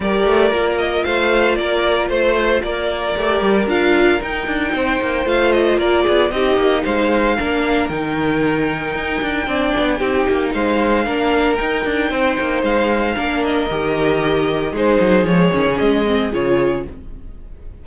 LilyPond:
<<
  \new Staff \with { instrumentName = "violin" } { \time 4/4 \tempo 4 = 114 d''4. dis''8 f''4 d''4 | c''4 d''2 f''4 | g''2 f''8 dis''8 d''4 | dis''4 f''2 g''4~ |
g''1 | f''2 g''2 | f''4. dis''2~ dis''8 | c''4 cis''4 dis''4 cis''4 | }
  \new Staff \with { instrumentName = "violin" } { \time 4/4 ais'2 c''4 ais'4 | c''4 ais'2.~ | ais'4 c''2 ais'8 gis'8 | g'4 c''4 ais'2~ |
ais'2 d''4 g'4 | c''4 ais'2 c''4~ | c''4 ais'2. | gis'1 | }
  \new Staff \with { instrumentName = "viola" } { \time 4/4 g'4 f'2.~ | f'2 g'4 f'4 | dis'2 f'2 | dis'2 d'4 dis'4~ |
dis'2 d'4 dis'4~ | dis'4 d'4 dis'2~ | dis'4 d'4 g'2 | dis'4 gis8 cis'4 c'8 f'4 | }
  \new Staff \with { instrumentName = "cello" } { \time 4/4 g8 a8 ais4 a4 ais4 | a4 ais4 a8 g8 d'4 | dis'8 d'8 c'8 ais8 a4 ais8 b8 | c'8 ais8 gis4 ais4 dis4~ |
dis4 dis'8 d'8 c'8 b8 c'8 ais8 | gis4 ais4 dis'8 d'8 c'8 ais8 | gis4 ais4 dis2 | gis8 fis8 f8 dis16 cis16 gis4 cis4 | }
>>